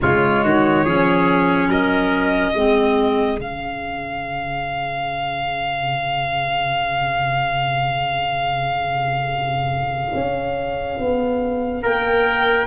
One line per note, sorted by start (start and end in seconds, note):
0.01 0.44 C#3
0.01 0.86 G#3
0.01 0.43 F4
0.01 1.70 C#5
0.43 0.85 D#3
0.43 0.84 F#4
0.84 1.68 F3
0.84 2.55 C#4
0.84 1.69 G#4
1.68 2.52 F#3
1.68 2.53 A#4
1.68 3.39 D#5
2.53 3.38 G#3
2.53 3.38 C4
2.53 11.82 G#4
3.38 10.14 C#3
3.38 12.67 C#4
3.38 11.84 F5
10.14 10.98 C#4
10.99 11.83 B3
11.82 12.67 A#3
11.82 12.66 A#4
11.82 12.67 G5